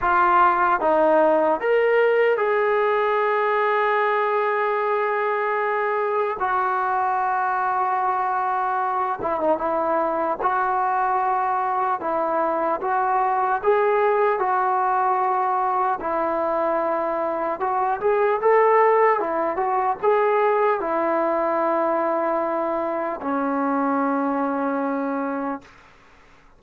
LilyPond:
\new Staff \with { instrumentName = "trombone" } { \time 4/4 \tempo 4 = 75 f'4 dis'4 ais'4 gis'4~ | gis'1 | fis'2.~ fis'8 e'16 dis'16 | e'4 fis'2 e'4 |
fis'4 gis'4 fis'2 | e'2 fis'8 gis'8 a'4 | e'8 fis'8 gis'4 e'2~ | e'4 cis'2. | }